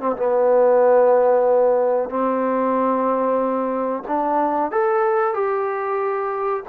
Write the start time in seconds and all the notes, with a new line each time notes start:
0.00 C4
0.16 B3
2.10 C4
4.08 D4
4.72 A4
5.34 G4